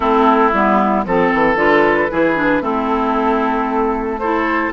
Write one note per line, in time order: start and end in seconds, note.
0.00 0.53 A3
0.00 0.53 C4
0.00 1.04 E4
0.00 0.51 A4
0.51 1.05 G3
0.51 1.06 B3
0.51 1.04 E4
1.05 1.32 F3
1.05 1.56 C4
1.05 2.11 A4
1.05 1.59 A4
1.33 1.55 E3
1.55 2.08 D3
1.55 2.09 F4
1.55 2.63 B4
2.10 2.61 E3
2.10 2.35 E4
2.10 2.62 G#4
2.35 2.61 D4
2.61 4.71 A3
2.61 4.19 C4
2.61 4.20 E4
2.61 4.19 A4
4.19 4.72 E4
4.19 4.72 A4
4.19 4.71 C5